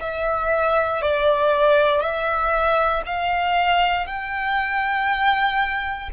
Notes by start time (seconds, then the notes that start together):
0.00 E5
1.02 D5
2.01 E5
3.06 F5
4.06 G5